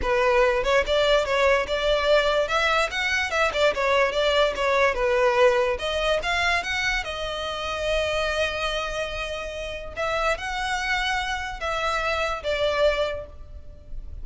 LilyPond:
\new Staff \with { instrumentName = "violin" } { \time 4/4 \tempo 4 = 145 b'4. cis''8 d''4 cis''4 | d''2 e''4 fis''4 | e''8 d''8 cis''4 d''4 cis''4 | b'2 dis''4 f''4 |
fis''4 dis''2.~ | dis''1 | e''4 fis''2. | e''2 d''2 | }